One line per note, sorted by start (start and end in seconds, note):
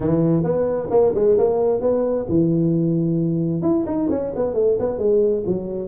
0.00 0.43 E3
0.43 0.89 B3
0.90 1.13 A#3
1.15 1.37 G#3
1.37 1.80 A#3
1.80 2.26 B3
2.28 3.62 E3
3.62 3.84 E4
3.86 4.08 D#4
4.10 4.32 C#4
4.35 4.54 B3
4.54 4.76 A3
4.79 4.98 B3
4.98 5.43 G#3
5.46 5.88 F#3